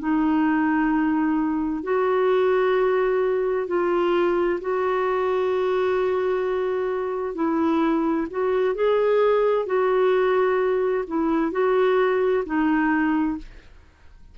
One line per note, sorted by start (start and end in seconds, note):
0.00 1.84 D#4
1.84 3.68 F#4
3.68 4.60 F4
4.61 7.35 F#4
7.35 8.27 E4
8.31 8.75 F#4
8.75 9.66 G#4
9.66 11.05 F#4
11.08 11.52 E4
11.52 12.44 F#4
12.46 13.38 D#4